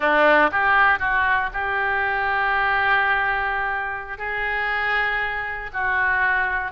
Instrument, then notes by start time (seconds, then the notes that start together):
oboe
0.00 D4
0.51 G4
0.99 F#4
1.53 G4
4.17 G#4
5.73 F#4